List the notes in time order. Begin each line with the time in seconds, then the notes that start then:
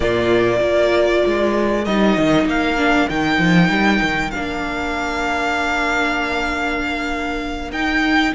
0.00 A#2 A#3 F4 D5
0.59 A#3 F4 A#4
1.26 G#3
1.85 G3 D#4 D#5
2.17 D#3
2.44 A#3 F5
2.77 D4
3.09 D#3 D#4 G5
3.38 F3
3.69 G3
4.02 D#3
4.30 A#3 D4 F5
7.71 D#4 G5